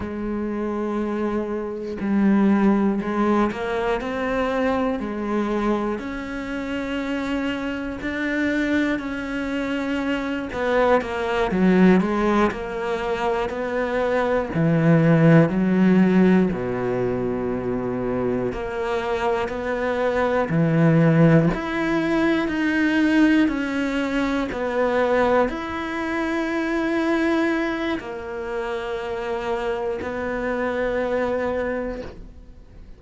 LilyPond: \new Staff \with { instrumentName = "cello" } { \time 4/4 \tempo 4 = 60 gis2 g4 gis8 ais8 | c'4 gis4 cis'2 | d'4 cis'4. b8 ais8 fis8 | gis8 ais4 b4 e4 fis8~ |
fis8 b,2 ais4 b8~ | b8 e4 e'4 dis'4 cis'8~ | cis'8 b4 e'2~ e'8 | ais2 b2 | }